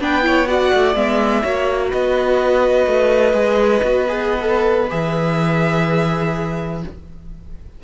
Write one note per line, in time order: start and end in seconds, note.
0.00 0.72 B3
0.00 0.22 D4
0.00 0.25 B4
0.00 0.47 G5
0.22 0.46 E4
0.22 0.49 C#5
0.47 0.95 F#4
0.47 1.43 D5
0.47 0.95 F#5
0.74 0.95 A3
0.95 1.43 G#3
0.95 1.43 B3
0.95 1.92 E5
1.43 1.93 A#3
1.43 3.33 F#4
1.43 1.90 C#5
1.90 2.87 B3
1.90 6.82 B4
1.90 4.91 D#5
2.87 3.33 A3
3.33 3.81 G#3
3.33 3.81 G#4
3.83 4.91 B3
3.83 4.07 F#4
4.09 4.41 G#4
4.41 4.88 A4
4.89 6.83 E3
4.89 6.81 G#4
4.89 6.83 E5